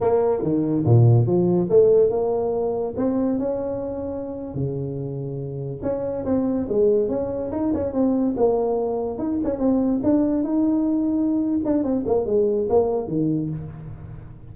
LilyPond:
\new Staff \with { instrumentName = "tuba" } { \time 4/4 \tempo 4 = 142 ais4 dis4 ais,4 f4 | a4 ais2 c'4 | cis'2~ cis'8. cis4~ cis16~ | cis4.~ cis16 cis'4 c'4 gis16~ |
gis8. cis'4 dis'8 cis'8 c'4 ais16~ | ais4.~ ais16 dis'8 cis'8 c'4 d'16~ | d'8. dis'2~ dis'8. d'8 | c'8 ais8 gis4 ais4 dis4 | }